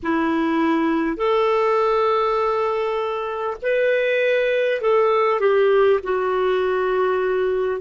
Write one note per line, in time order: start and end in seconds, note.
0.02 1.17 E4
1.17 3.57 A4
3.62 4.81 B4
4.81 5.40 A4
5.40 6.00 G4
6.03 7.81 F#4